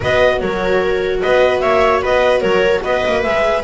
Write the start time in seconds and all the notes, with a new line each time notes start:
0.00 B3 F#4 B4 D#5
0.39 F#3 A#4 C#5
1.21 B3 B4 D#5
1.60 A#3 C#5 E5
2.02 B3 B4 D#5
2.40 F#3 A#4 C#5
2.83 B3 B4 D#5
3.06 A#3
3.22 G#3 G#4 E5